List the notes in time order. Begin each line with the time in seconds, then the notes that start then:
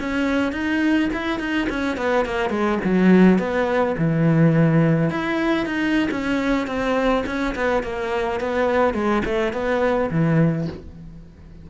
0.00 C#4
0.52 D#4
1.13 E4
1.40 D#4
1.70 C#4
1.97 B3
2.26 A#3
2.50 G#3
2.84 F#3
3.39 B3
3.98 E3
5.11 E4
5.66 D#4
6.11 C#4
6.68 C4
7.26 C#4
7.56 B3
7.83 A#3
8.41 B3
8.94 G#3
9.25 A3
9.53 B3
10.11 E3